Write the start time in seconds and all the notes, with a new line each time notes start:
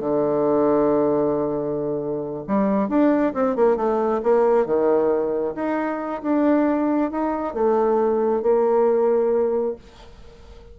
0.00 D3
2.48 G3
2.89 D4
3.34 C4
3.56 A#3
3.77 A3
4.23 A#3
4.66 D#3
5.55 D#4
6.23 D4
7.11 D#4
7.54 A3
8.43 A#3